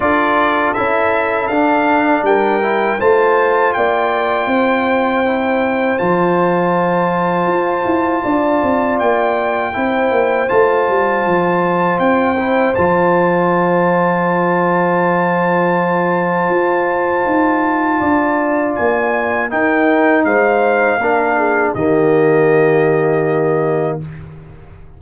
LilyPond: <<
  \new Staff \with { instrumentName = "trumpet" } { \time 4/4 \tempo 4 = 80 d''4 e''4 f''4 g''4 | a''4 g''2. | a''1 | g''2 a''2 |
g''4 a''2.~ | a''1~ | a''4 gis''4 g''4 f''4~ | f''4 dis''2. | }
  \new Staff \with { instrumentName = "horn" } { \time 4/4 a'2. ais'4 | c''4 d''4 c''2~ | c''2. d''4~ | d''4 c''2.~ |
c''1~ | c''1 | d''2 ais'4 c''4 | ais'8 gis'8 g'2. | }
  \new Staff \with { instrumentName = "trombone" } { \time 4/4 f'4 e'4 d'4. e'8 | f'2. e'4 | f'1~ | f'4 e'4 f'2~ |
f'8 e'8 f'2.~ | f'1~ | f'2 dis'2 | d'4 ais2. | }
  \new Staff \with { instrumentName = "tuba" } { \time 4/4 d'4 cis'4 d'4 g4 | a4 ais4 c'2 | f2 f'8 e'8 d'8 c'8 | ais4 c'8 ais8 a8 g8 f4 |
c'4 f2.~ | f2 f'4 dis'4 | d'4 ais4 dis'4 gis4 | ais4 dis2. | }
>>